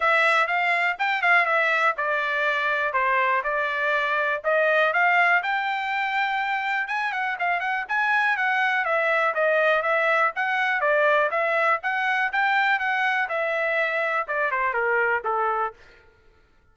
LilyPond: \new Staff \with { instrumentName = "trumpet" } { \time 4/4 \tempo 4 = 122 e''4 f''4 g''8 f''8 e''4 | d''2 c''4 d''4~ | d''4 dis''4 f''4 g''4~ | g''2 gis''8 fis''8 f''8 fis''8 |
gis''4 fis''4 e''4 dis''4 | e''4 fis''4 d''4 e''4 | fis''4 g''4 fis''4 e''4~ | e''4 d''8 c''8 ais'4 a'4 | }